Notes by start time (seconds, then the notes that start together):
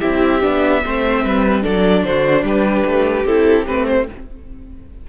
0.00 C4 E4 G4 E5
0.42 B3 D4
0.85 A3 C4 C5
1.24 G3 B4
1.62 F#3 D4 A4 D5
2.04 D3 F#4 C5
2.43 G3 G4 B4
2.86 A3
3.25 C4 E4 A4
3.67 A3 C4 B4
3.87 C5